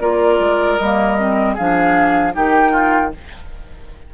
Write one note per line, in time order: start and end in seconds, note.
0.00 0.39 A#3
0.00 0.79 F4
0.00 1.54 A#4
0.00 0.77 D5
0.39 0.78 G#3
0.77 1.57 G3
0.77 1.19 A#3
0.77 1.55 D#5
1.19 1.58 C4
1.54 2.36 F3
1.54 2.34 D4
1.54 2.32 G#4
1.54 2.34 F5
2.34 3.13 D#3
2.34 3.12 D#4
2.34 2.72 G4
2.34 3.14 G5
2.72 3.11 F4